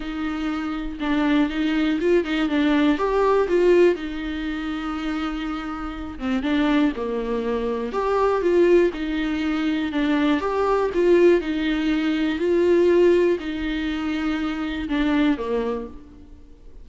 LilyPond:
\new Staff \with { instrumentName = "viola" } { \time 4/4 \tempo 4 = 121 dis'2 d'4 dis'4 | f'8 dis'8 d'4 g'4 f'4 | dis'1~ | dis'8 c'8 d'4 ais2 |
g'4 f'4 dis'2 | d'4 g'4 f'4 dis'4~ | dis'4 f'2 dis'4~ | dis'2 d'4 ais4 | }